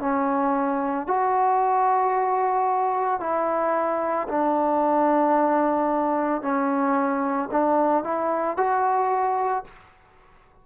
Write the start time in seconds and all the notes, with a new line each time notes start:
0.00 C#4
1.07 F#4
3.20 E4
4.29 D4
6.42 C#4
7.51 D4
8.04 E4
8.57 F#4